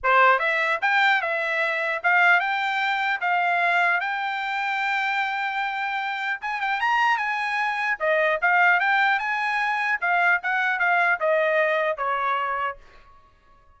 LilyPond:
\new Staff \with { instrumentName = "trumpet" } { \time 4/4 \tempo 4 = 150 c''4 e''4 g''4 e''4~ | e''4 f''4 g''2 | f''2 g''2~ | g''1 |
gis''8 g''8 ais''4 gis''2 | dis''4 f''4 g''4 gis''4~ | gis''4 f''4 fis''4 f''4 | dis''2 cis''2 | }